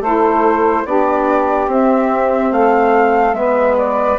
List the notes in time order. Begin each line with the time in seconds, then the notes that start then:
0.00 A3 E4 A4 C5
0.85 B3 D4 G4 D5
1.67 C4 E5
2.51 A3 A4 F5
3.33 G#3 B3 B4 E5
3.77 D5